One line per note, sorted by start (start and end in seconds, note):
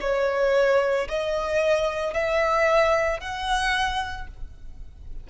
0.00 1.07 C#5
1.08 2.13 D#5
2.13 3.20 E5
3.20 4.27 F#5